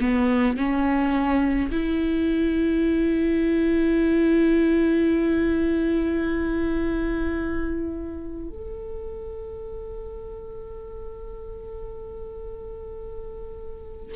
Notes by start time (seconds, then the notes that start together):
0.00 B3
0.57 C#4
1.71 E4
8.50 A4